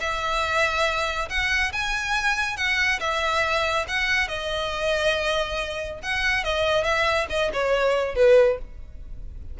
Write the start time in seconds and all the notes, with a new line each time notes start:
0.00 E5
1.29 F#5
1.72 G#5
2.57 F#5
3.00 E5
3.88 F#5
4.28 D#5
6.02 F#5
6.44 D#5
6.84 E5
7.29 D#5
7.53 C#5
8.15 B4